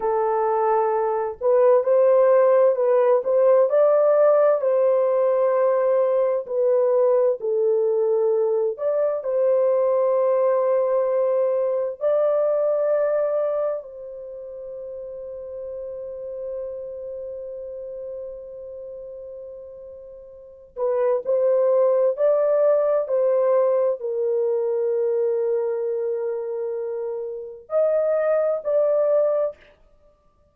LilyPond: \new Staff \with { instrumentName = "horn" } { \time 4/4 \tempo 4 = 65 a'4. b'8 c''4 b'8 c''8 | d''4 c''2 b'4 | a'4. d''8 c''2~ | c''4 d''2 c''4~ |
c''1~ | c''2~ c''8 b'8 c''4 | d''4 c''4 ais'2~ | ais'2 dis''4 d''4 | }